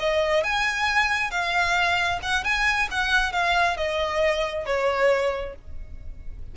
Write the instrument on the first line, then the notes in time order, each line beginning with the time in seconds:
violin
0.00 D#5
0.44 G#5
1.31 F5
2.23 F#5
2.44 G#5
2.91 F#5
3.33 F5
3.77 D#5
4.66 C#5